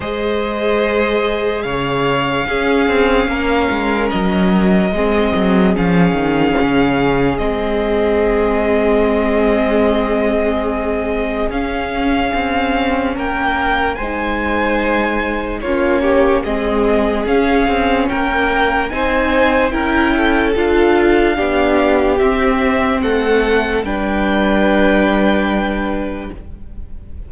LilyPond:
<<
  \new Staff \with { instrumentName = "violin" } { \time 4/4 \tempo 4 = 73 dis''2 f''2~ | f''4 dis''2 f''4~ | f''4 dis''2.~ | dis''2 f''2 |
g''4 gis''2 cis''4 | dis''4 f''4 g''4 gis''4 | g''4 f''2 e''4 | fis''4 g''2. | }
  \new Staff \with { instrumentName = "violin" } { \time 4/4 c''2 cis''4 gis'4 | ais'2 gis'2~ | gis'1~ | gis'1 |
ais'4 c''2 f'8 g'8 | gis'2 ais'4 c''4 | ais'8 a'4. g'2 | a'4 b'2. | }
  \new Staff \with { instrumentName = "viola" } { \time 4/4 gis'2. cis'4~ | cis'2 c'4 cis'4~ | cis'4 c'2.~ | c'2 cis'2~ |
cis'4 dis'2 cis'4 | c'4 cis'2 dis'4 | e'4 f'4 d'4 c'4~ | c'4 d'2. | }
  \new Staff \with { instrumentName = "cello" } { \time 4/4 gis2 cis4 cis'8 c'8 | ais8 gis8 fis4 gis8 fis8 f8 dis8 | cis4 gis2.~ | gis2 cis'4 c'4 |
ais4 gis2 ais4 | gis4 cis'8 c'8 ais4 c'4 | cis'4 d'4 b4 c'4 | a4 g2. | }
>>